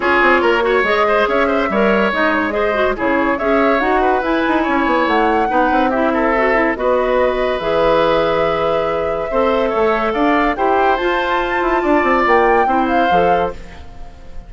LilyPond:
<<
  \new Staff \with { instrumentName = "flute" } { \time 4/4 \tempo 4 = 142 cis''2 dis''4 e''4~ | e''4 dis''8 cis''8 dis''4 cis''4 | e''4 fis''4 gis''2 | fis''2 e''2 |
dis''2 e''2~ | e''1 | f''4 g''4 a''2~ | a''4 g''4. f''4. | }
  \new Staff \with { instrumentName = "oboe" } { \time 4/4 gis'4 ais'8 cis''4 c''8 cis''8 c''8 | cis''2 c''4 gis'4 | cis''4. b'4. cis''4~ | cis''4 b'4 g'8 a'4. |
b'1~ | b'2 c''4 cis''4 | d''4 c''2. | d''2 c''2 | }
  \new Staff \with { instrumentName = "clarinet" } { \time 4/4 f'4. fis'8 gis'2 | ais'4 dis'4 gis'8 fis'8 e'4 | gis'4 fis'4 e'2~ | e'4 dis'4 e'4 fis'8 e'8 |
fis'2 gis'2~ | gis'2 a'2~ | a'4 g'4 f'2~ | f'2 e'4 a'4 | }
  \new Staff \with { instrumentName = "bassoon" } { \time 4/4 cis'8 c'8 ais4 gis4 cis'4 | g4 gis2 cis4 | cis'4 dis'4 e'8 dis'8 cis'8 b8 | a4 b8 c'2~ c'8 |
b2 e2~ | e2 c'4 a4 | d'4 e'4 f'4. e'8 | d'8 c'8 ais4 c'4 f4 | }
>>